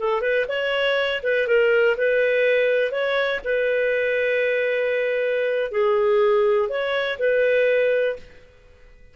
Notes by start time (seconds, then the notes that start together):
0.00 A4
0.22 B4
0.49 C#5
1.23 B4
1.48 A#4
1.97 B4
2.92 C#5
3.44 B4
5.72 G#4
6.69 C#5
7.19 B4